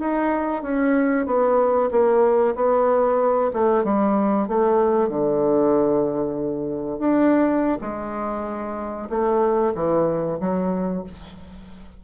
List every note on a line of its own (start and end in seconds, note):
0.00 0.63 D#4
0.63 1.26 C#4
1.26 1.90 B3
1.91 2.55 A#3
2.55 3.51 B3
3.53 3.84 A3
3.84 4.48 G3
4.48 5.09 A3
5.09 6.99 D3
6.99 7.79 D4
7.81 9.09 G#3
9.10 9.73 A3
9.75 10.39 E3
10.40 11.04 F#3